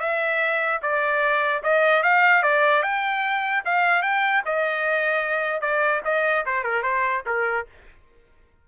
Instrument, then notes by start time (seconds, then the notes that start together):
trumpet
0.00 E5
0.82 D5
1.63 D#5
2.03 F5
2.43 D5
2.83 G5
3.65 F5
4.02 G5
4.45 D#5
5.61 D5
6.05 D#5
6.46 C5
6.63 A#4
6.83 C5
7.26 A#4